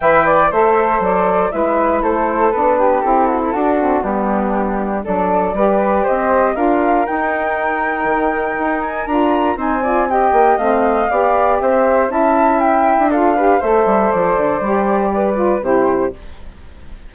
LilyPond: <<
  \new Staff \with { instrumentName = "flute" } { \time 4/4 \tempo 4 = 119 g''4 e''4 d''4 e''4 | c''4 b'4 a'2 | g'2 d''2 | dis''4 f''4 g''2~ |
g''4. gis''8 ais''4 gis''4 | g''4 f''2 e''4 | a''4 g''4 f''4 e''4 | d''2. c''4 | }
  \new Staff \with { instrumentName = "flute" } { \time 4/4 e''8 d''8 c''2 b'4 | a'4. g'4 fis'16 e'16 fis'4 | d'2 a'4 b'4 | c''4 ais'2.~ |
ais'2. c''8 d''8 | dis''2 d''4 c''4 | e''2 a'8 b'8 c''4~ | c''2 b'4 g'4 | }
  \new Staff \with { instrumentName = "saxophone" } { \time 4/4 b'4 a'2 e'4~ | e'4 d'4 e'4 d'8 c'8 | b2 d'4 g'4~ | g'4 f'4 dis'2~ |
dis'2 f'4 dis'8 f'8 | g'4 c'4 g'2 | e'2 f'8 g'8 a'4~ | a'4 g'4. f'8 e'4 | }
  \new Staff \with { instrumentName = "bassoon" } { \time 4/4 e4 a4 fis4 gis4 | a4 b4 c'4 d'4 | g2 fis4 g4 | c'4 d'4 dis'2 |
dis4 dis'4 d'4 c'4~ | c'8 ais8 a4 b4 c'4 | cis'4.~ cis'16 d'4~ d'16 a8 g8 | f8 d8 g2 c4 | }
>>